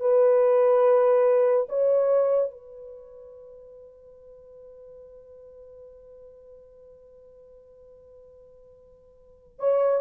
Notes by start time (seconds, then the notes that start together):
0.00 B4
1.69 C#5
2.51 B4
9.59 C#5